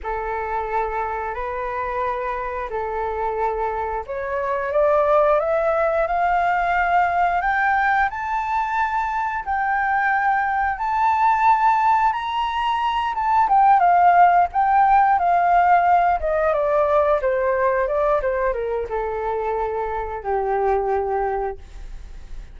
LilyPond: \new Staff \with { instrumentName = "flute" } { \time 4/4 \tempo 4 = 89 a'2 b'2 | a'2 cis''4 d''4 | e''4 f''2 g''4 | a''2 g''2 |
a''2 ais''4. a''8 | g''8 f''4 g''4 f''4. | dis''8 d''4 c''4 d''8 c''8 ais'8 | a'2 g'2 | }